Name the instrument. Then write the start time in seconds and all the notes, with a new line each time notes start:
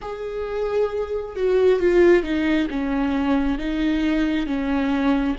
viola
0.01 G#4
1.36 F#4
1.79 F4
2.23 D#4
2.69 C#4
3.58 D#4
4.46 C#4